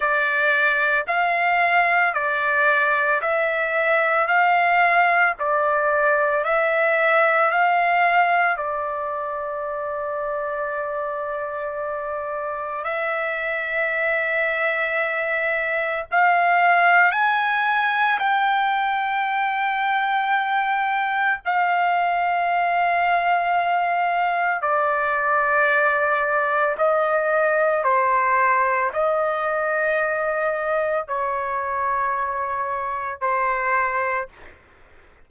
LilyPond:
\new Staff \with { instrumentName = "trumpet" } { \time 4/4 \tempo 4 = 56 d''4 f''4 d''4 e''4 | f''4 d''4 e''4 f''4 | d''1 | e''2. f''4 |
gis''4 g''2. | f''2. d''4~ | d''4 dis''4 c''4 dis''4~ | dis''4 cis''2 c''4 | }